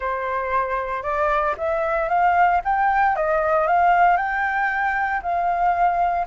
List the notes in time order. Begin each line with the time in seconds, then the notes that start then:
0.00 C5
1.02 D5
1.57 E5
2.08 F5
2.64 G5
3.16 D#5
3.67 F5
4.16 G5
5.22 F5